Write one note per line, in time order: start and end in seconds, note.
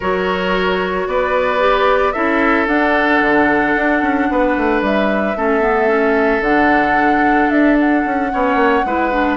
0.00 1.06 F#3
0.00 1.59 F#4
0.00 1.07 A#4
0.00 1.07 C#5
1.06 2.14 B3
1.06 2.13 B4
1.06 2.12 D5
1.59 2.13 G4
2.12 2.67 C#4
2.12 2.67 E4
2.12 4.28 A4
2.12 2.65 E5
2.67 3.20 D4
2.67 5.34 D4
2.67 4.81 F#5
3.20 3.74 D3
3.75 4.01 D4
4.01 4.28 C#4
4.30 4.57 B3
4.30 5.37 B4
4.57 4.81 A3
4.81 5.35 G3
4.81 6.43 E5
5.35 6.40 A3
5.35 5.60 C#4
5.35 8.31 A4
5.60 5.87 B3
5.87 6.41 C#4
6.40 7.47 D3
6.40 8.31 D4
6.40 7.49 F#5
7.49 8.04 D4
7.49 7.76 E5
7.79 9.37 F#5
8.05 8.31 C#4
8.31 8.54 B3
8.31 8.84 C#4
8.31 8.86 C#5
8.54 8.81 A#3
8.84 9.37 G#3
8.84 9.11 E4
8.84 9.37 B4
9.11 9.37 D4